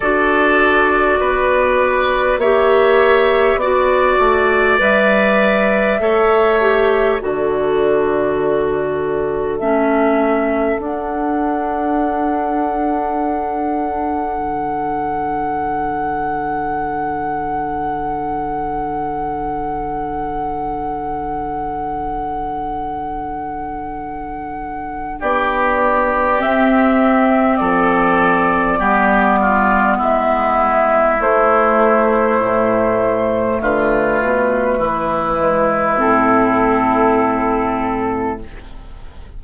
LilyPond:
<<
  \new Staff \with { instrumentName = "flute" } { \time 4/4 \tempo 4 = 50 d''2 e''4 d''4 | e''2 d''2 | e''4 fis''2.~ | fis''1~ |
fis''1~ | fis''4 d''4 e''4 d''4~ | d''4 e''4 c''2 | b'2 a'2 | }
  \new Staff \with { instrumentName = "oboe" } { \time 4/4 a'4 b'4 cis''4 d''4~ | d''4 cis''4 a'2~ | a'1~ | a'1~ |
a'1~ | a'4 g'2 a'4 | g'8 f'8 e'2. | f'4 e'2. | }
  \new Staff \with { instrumentName = "clarinet" } { \time 4/4 fis'2 g'4 fis'4 | b'4 a'8 g'8 fis'2 | cis'4 d'2.~ | d'1~ |
d'1~ | d'2 c'2 | b2 a2~ | a4. gis8 c'2 | }
  \new Staff \with { instrumentName = "bassoon" } { \time 4/4 d'4 b4 ais4 b8 a8 | g4 a4 d2 | a4 d'2. | d1~ |
d1~ | d4 b4 c'4 f4 | g4 gis4 a4 a,4 | d8 b,8 e4 a,2 | }
>>